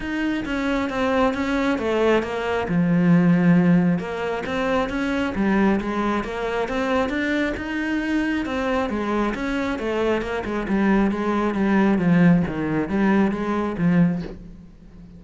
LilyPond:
\new Staff \with { instrumentName = "cello" } { \time 4/4 \tempo 4 = 135 dis'4 cis'4 c'4 cis'4 | a4 ais4 f2~ | f4 ais4 c'4 cis'4 | g4 gis4 ais4 c'4 |
d'4 dis'2 c'4 | gis4 cis'4 a4 ais8 gis8 | g4 gis4 g4 f4 | dis4 g4 gis4 f4 | }